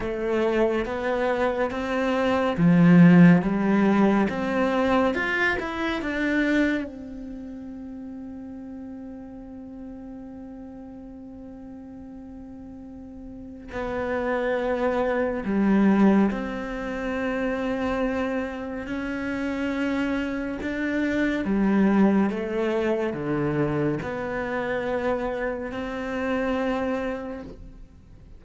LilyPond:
\new Staff \with { instrumentName = "cello" } { \time 4/4 \tempo 4 = 70 a4 b4 c'4 f4 | g4 c'4 f'8 e'8 d'4 | c'1~ | c'1 |
b2 g4 c'4~ | c'2 cis'2 | d'4 g4 a4 d4 | b2 c'2 | }